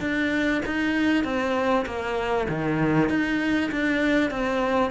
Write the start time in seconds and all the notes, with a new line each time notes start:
0.00 D4
0.66 D#4
1.24 C4
1.86 A#3
2.49 D#3
3.09 D#4
3.71 D4
4.31 C4